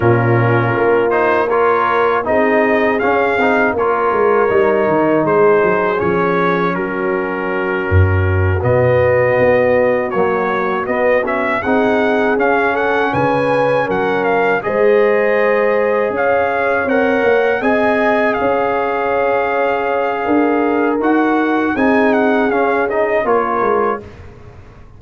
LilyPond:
<<
  \new Staff \with { instrumentName = "trumpet" } { \time 4/4 \tempo 4 = 80 ais'4. c''8 cis''4 dis''4 | f''4 cis''2 c''4 | cis''4 ais'2~ ais'8 dis''8~ | dis''4. cis''4 dis''8 e''8 fis''8~ |
fis''8 f''8 fis''8 gis''4 fis''8 f''8 dis''8~ | dis''4. f''4 fis''4 gis''8~ | gis''8 f''2.~ f''8 | fis''4 gis''8 fis''8 f''8 dis''8 cis''4 | }
  \new Staff \with { instrumentName = "horn" } { \time 4/4 f'2 ais'4 gis'4~ | gis'4 ais'2 gis'4~ | gis'4 fis'2.~ | fis'2.~ fis'8 gis'8~ |
gis'4 a'8 b'4 ais'4 c''8~ | c''4. cis''2 dis''8~ | dis''8 cis''2~ cis''8 ais'4~ | ais'4 gis'2 ais'4 | }
  \new Staff \with { instrumentName = "trombone" } { \time 4/4 cis'4. dis'8 f'4 dis'4 | cis'8 dis'8 f'4 dis'2 | cis'2.~ cis'8 b8~ | b4. fis4 b8 cis'8 dis'8~ |
dis'8 cis'2. gis'8~ | gis'2~ gis'8 ais'4 gis'8~ | gis'1 | fis'4 dis'4 cis'8 dis'8 f'4 | }
  \new Staff \with { instrumentName = "tuba" } { \time 4/4 ais,4 ais2 c'4 | cis'8 c'8 ais8 gis8 g8 dis8 gis8 fis8 | f4 fis4. fis,4 b,8~ | b,8 b4 ais4 b4 c'8~ |
c'8 cis'4 cis4 fis4 gis8~ | gis4. cis'4 c'8 ais8 c'8~ | c'8 cis'2~ cis'8 d'4 | dis'4 c'4 cis'4 ais8 gis8 | }
>>